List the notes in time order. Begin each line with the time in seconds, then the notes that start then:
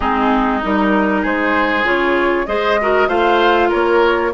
0.00 G#3 C4 D#4 G#4
0.62 G3 D#4 A#4
1.21 G#3 G#4 C5
1.83 C#3 F4 C#5
2.46 G#3 G#4 C5 D#5
2.81 F#4 A#4
3.07 A3 F4 C5 F5
3.69 A#3 A#4 C#5